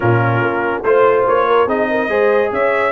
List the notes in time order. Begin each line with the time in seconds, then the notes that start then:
0.00 A#2 C#4 F4 A#4
0.40 A#3
0.83 A3 F4 C5
1.27 A#3 C#5
1.47 A#4
1.66 C4 D#4 G#4 D#5
1.90 A#4
2.08 G#3 G#4 C5
2.52 C#4 C#5 E5